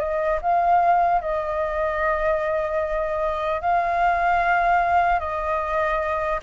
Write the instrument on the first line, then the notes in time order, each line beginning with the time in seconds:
flute
0.00 D#5
0.42 F5
1.21 D#5
3.61 F5
5.20 D#5